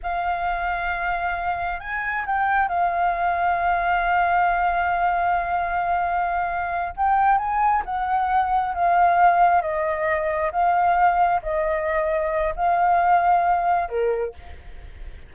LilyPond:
\new Staff \with { instrumentName = "flute" } { \time 4/4 \tempo 4 = 134 f''1 | gis''4 g''4 f''2~ | f''1~ | f''2.~ f''8 g''8~ |
g''8 gis''4 fis''2 f''8~ | f''4. dis''2 f''8~ | f''4. dis''2~ dis''8 | f''2. ais'4 | }